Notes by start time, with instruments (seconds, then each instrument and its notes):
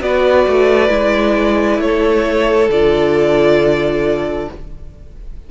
0.00 cello B3, viola F#4, violin B4 D5
0.47 cello A3
0.89 cello G#3, viola E4
1.79 cello A3, violin A4 C#5
2.69 cello D3, viola F4, violin D5